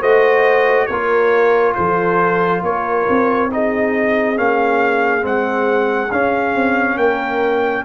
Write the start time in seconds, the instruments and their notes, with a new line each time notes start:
0.00 tuba A3, trombone F#4, horn C5, trumpet D#5
0.86 tuba A#3, trombone F4, horn A#4, trumpet C#5
1.75 tuba F3, horn A4, trumpet C5
2.63 tuba A#3, horn A#4, trumpet C#5
3.10 tuba C4
3.50 trombone D#4, horn G#4, trumpet D#5
4.37 tuba A#3, trombone C#4, trumpet F5
5.21 tuba G#3, trombone C4, trumpet F#5
6.12 tuba C#4, trombone C#4, trumpet F5
6.55 tuba C4
6.96 tuba A#3, horn A#4, trumpet G5